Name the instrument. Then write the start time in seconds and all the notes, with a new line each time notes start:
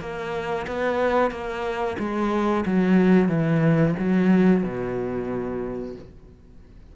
cello
0.00 A#3
0.67 B3
1.30 A#3
1.98 G#3
2.66 F#3
3.28 E3
3.99 F#3
4.63 B2